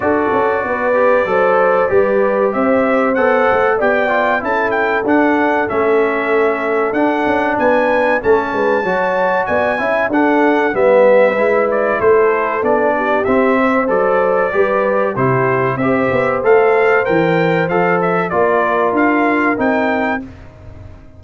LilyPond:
<<
  \new Staff \with { instrumentName = "trumpet" } { \time 4/4 \tempo 4 = 95 d''1 | e''4 fis''4 g''4 a''8 g''8 | fis''4 e''2 fis''4 | gis''4 a''2 gis''4 |
fis''4 e''4. d''8 c''4 | d''4 e''4 d''2 | c''4 e''4 f''4 g''4 | f''8 e''8 d''4 f''4 g''4 | }
  \new Staff \with { instrumentName = "horn" } { \time 4/4 a'4 b'4 c''4 b'4 | c''2 d''4 a'4~ | a'1 | b'4 a'8 b'8 cis''4 d''8 e''8 |
a'4 b'2 a'4~ | a'8 g'4 c''4. b'4 | g'4 c''2.~ | c''4 ais'2. | }
  \new Staff \with { instrumentName = "trombone" } { \time 4/4 fis'4. g'8 a'4 g'4~ | g'4 a'4 g'8 f'8 e'4 | d'4 cis'2 d'4~ | d'4 cis'4 fis'4. e'8 |
d'4 b4 e'2 | d'4 c'4 a'4 g'4 | e'4 g'4 a'4 ais'4 | a'4 f'2 dis'4 | }
  \new Staff \with { instrumentName = "tuba" } { \time 4/4 d'8 cis'8 b4 fis4 g4 | c'4 b8 a8 b4 cis'4 | d'4 a2 d'8 cis'8 | b4 a8 gis8 fis4 b8 cis'8 |
d'4 g4 gis4 a4 | b4 c'4 fis4 g4 | c4 c'8 b8 a4 e4 | f4 ais4 d'4 c'4 | }
>>